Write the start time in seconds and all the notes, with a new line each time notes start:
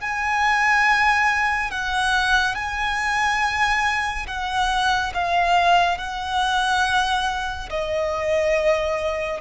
0.00 G#5
1.71 F#5
2.55 G#5
4.27 F#5
5.14 F5
5.98 F#5
7.69 D#5